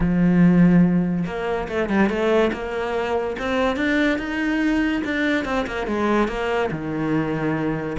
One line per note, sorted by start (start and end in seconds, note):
0.00 1.25 F3
1.25 1.67 A#3
1.68 1.89 A3
1.89 2.09 G3
2.09 2.51 A3
2.52 3.36 A#3
3.39 3.76 C4
3.76 4.18 D4
4.18 5.02 D#4
5.04 5.45 D4
5.45 5.65 C4
5.66 5.86 A#3
5.86 6.28 G#3
6.28 6.70 A#3
6.71 7.96 D#3